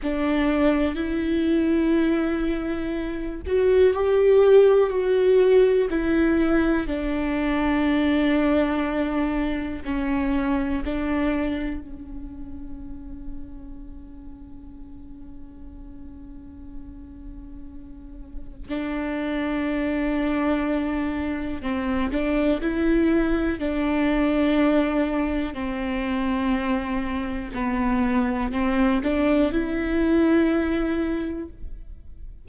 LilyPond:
\new Staff \with { instrumentName = "viola" } { \time 4/4 \tempo 4 = 61 d'4 e'2~ e'8 fis'8 | g'4 fis'4 e'4 d'4~ | d'2 cis'4 d'4 | cis'1~ |
cis'2. d'4~ | d'2 c'8 d'8 e'4 | d'2 c'2 | b4 c'8 d'8 e'2 | }